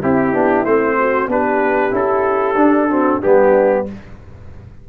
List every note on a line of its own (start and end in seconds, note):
0.00 0.33 C4
0.00 0.96 E4
0.00 0.33 E4
0.00 0.64 G4
0.33 0.64 B3
0.33 0.65 D4
0.64 1.27 A3
0.64 1.29 C4
0.64 1.28 C5
0.98 1.30 F#4
1.27 1.91 B3
1.27 1.91 D4
1.27 2.90 G4
1.27 1.95 B4
1.91 2.55 C#4
1.91 2.55 E4
1.91 3.22 A4
2.55 3.18 D4
2.55 2.89 D4
2.89 3.21 C4
2.89 3.19 F#4
3.19 3.89 G3
3.19 3.86 B3
3.19 3.83 D4
3.19 3.86 G4